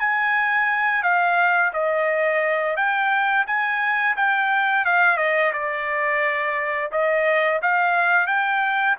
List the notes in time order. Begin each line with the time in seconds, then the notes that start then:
0.00 G#5
1.03 F5
1.74 D#5
2.77 G5
3.47 G#5
4.17 G5
4.86 F5
5.18 D#5
5.53 D5
6.92 D#5
7.62 F5
8.28 G5